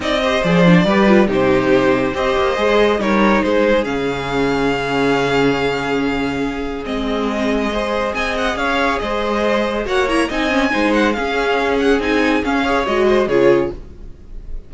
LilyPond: <<
  \new Staff \with { instrumentName = "violin" } { \time 4/4 \tempo 4 = 140 dis''4 d''2 c''4~ | c''4 dis''2 cis''4 | c''4 f''2.~ | f''1 |
dis''2. gis''8 fis''8 | f''4 dis''2 fis''8 ais''8 | gis''4. fis''8 f''4. fis''8 | gis''4 f''4 dis''4 cis''4 | }
  \new Staff \with { instrumentName = "violin" } { \time 4/4 d''8 c''4. b'4 g'4~ | g'4 c''2 ais'4 | gis'1~ | gis'1~ |
gis'2 c''4 dis''4 | cis''4 c''2 cis''4 | dis''4 c''4 gis'2~ | gis'4. cis''4 c''8 gis'4 | }
  \new Staff \with { instrumentName = "viola" } { \time 4/4 dis'8 g'8 gis'8 d'8 g'8 f'8 dis'4~ | dis'4 g'4 gis'4 dis'4~ | dis'4 cis'2.~ | cis'1 |
c'2 gis'2~ | gis'2. fis'8 e'8 | dis'8 cis'8 dis'4 cis'2 | dis'4 cis'8 gis'8 fis'4 f'4 | }
  \new Staff \with { instrumentName = "cello" } { \time 4/4 c'4 f4 g4 c4~ | c4 c'8 ais8 gis4 g4 | gis4 cis2.~ | cis1 |
gis2. c'4 | cis'4 gis2 ais4 | c'4 gis4 cis'2 | c'4 cis'4 gis4 cis4 | }
>>